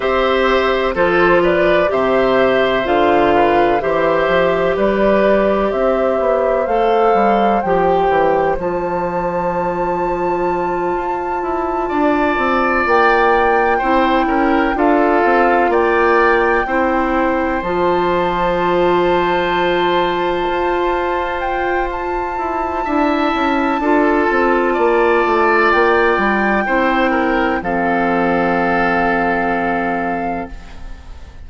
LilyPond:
<<
  \new Staff \with { instrumentName = "flute" } { \time 4/4 \tempo 4 = 63 e''4 c''8 d''8 e''4 f''4 | e''4 d''4 e''4 f''4 | g''4 a''2.~ | a''4. g''2 f''8~ |
f''8 g''2 a''4.~ | a''2~ a''8 g''8 a''4~ | a''2. g''4~ | g''4 f''2. | }
  \new Staff \with { instrumentName = "oboe" } { \time 4/4 c''4 a'8 b'8 c''4. b'8 | c''4 b'4 c''2~ | c''1~ | c''8 d''2 c''8 ais'8 a'8~ |
a'8 d''4 c''2~ c''8~ | c''1 | e''4 a'4 d''2 | c''8 ais'8 a'2. | }
  \new Staff \with { instrumentName = "clarinet" } { \time 4/4 g'4 f'4 g'4 f'4 | g'2. a'4 | g'4 f'2.~ | f'2~ f'8 e'4 f'8~ |
f'4. e'4 f'4.~ | f'1 | e'4 f'2. | e'4 c'2. | }
  \new Staff \with { instrumentName = "bassoon" } { \time 4/4 c'4 f4 c4 d4 | e8 f8 g4 c'8 b8 a8 g8 | f8 e8 f2~ f8 f'8 | e'8 d'8 c'8 ais4 c'8 cis'8 d'8 |
c'8 ais4 c'4 f4.~ | f4. f'2 e'8 | d'8 cis'8 d'8 c'8 ais8 a8 ais8 g8 | c'4 f2. | }
>>